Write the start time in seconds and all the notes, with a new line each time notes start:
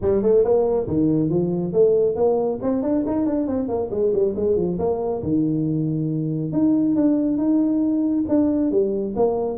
0.01 G3
0.22 A3
0.43 A#3
0.87 D#3
1.29 F3
1.73 A3
2.15 A#3
2.62 C4
2.82 D4
3.06 D#4
3.26 D4
3.47 C4
3.68 A#3
3.90 G#3
4.12 G3
4.36 G#3
4.56 F3
4.78 A#3
5.22 D#3
6.52 D#4
6.95 D4
7.37 D#4
8.28 D4
8.71 G3
9.16 A#3